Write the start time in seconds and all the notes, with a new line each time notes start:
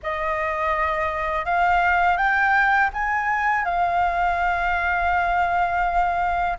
0.02 D#5
1.45 F5
2.17 G5
2.93 G#5
3.64 F5